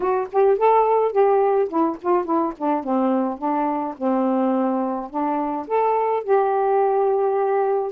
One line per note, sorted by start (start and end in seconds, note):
0.00 0.27 F#4
0.32 0.58 G4
0.58 1.11 A4
1.11 1.68 G4
1.68 1.97 E4
2.01 2.25 F4
2.25 2.53 E4
2.57 2.83 D4
2.83 3.38 C4
3.38 3.94 D4
3.97 5.10 C4
5.10 5.66 D4
5.67 6.23 A4
6.23 7.92 G4